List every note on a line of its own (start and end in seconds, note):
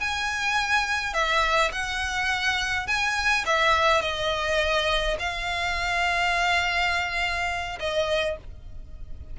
0.00 1.14 G#5
1.14 1.71 E5
1.72 2.87 F#5
2.87 3.45 G#5
3.46 4.02 E5
4.02 5.17 D#5
5.19 7.79 F5
7.79 8.37 D#5